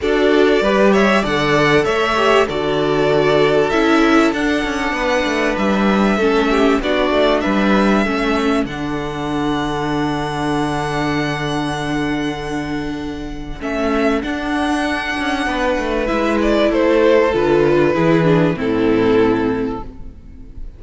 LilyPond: <<
  \new Staff \with { instrumentName = "violin" } { \time 4/4 \tempo 4 = 97 d''4. e''8 fis''4 e''4 | d''2 e''4 fis''4~ | fis''4 e''2 d''4 | e''2 fis''2~ |
fis''1~ | fis''2 e''4 fis''4~ | fis''2 e''8 d''8 c''4 | b'2 a'2 | }
  \new Staff \with { instrumentName = "violin" } { \time 4/4 a'4 b'8 cis''8 d''4 cis''4 | a'1 | b'2 a'8 g'8 fis'4 | b'4 a'2.~ |
a'1~ | a'1~ | a'4 b'2 a'4~ | a'4 gis'4 e'2 | }
  \new Staff \with { instrumentName = "viola" } { \time 4/4 fis'4 g'4 a'4. g'8 | fis'2 e'4 d'4~ | d'2 cis'4 d'4~ | d'4 cis'4 d'2~ |
d'1~ | d'2 cis'4 d'4~ | d'2 e'2 | f'4 e'8 d'8 c'2 | }
  \new Staff \with { instrumentName = "cello" } { \time 4/4 d'4 g4 d4 a4 | d2 cis'4 d'8 cis'8 | b8 a8 g4 a4 b8 a8 | g4 a4 d2~ |
d1~ | d2 a4 d'4~ | d'8 cis'8 b8 a8 gis4 a4 | d4 e4 a,2 | }
>>